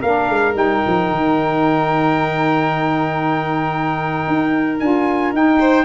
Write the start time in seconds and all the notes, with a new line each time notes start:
0.00 A#3 D4 A#4 F5
0.28 G#3
0.52 G3 D#4 G5
0.86 F3
1.10 D#3
4.27 D#4
4.79 D4 F4 G#5
5.32 D#4 G5
5.59 C5